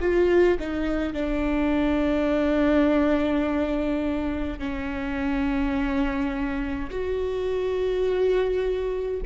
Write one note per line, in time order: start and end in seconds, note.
0.00 0.58 F4
0.59 1.13 D#4
1.13 4.59 D4
4.59 6.90 C#4
6.90 9.20 F#4